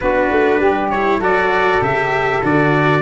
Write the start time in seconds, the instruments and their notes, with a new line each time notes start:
0.00 tuba B3, cello D4, saxophone F#4, trumpet B4
0.31 tuba A3
0.59 tuba G3, saxophone G4
0.90 cello E4, trumpet C#5
1.18 tuba F#3, cello F#4, saxophone A4, trumpet D5
1.81 tuba C#3, cello G4, trumpet E5
2.43 tuba D3, cello F#4, trumpet D5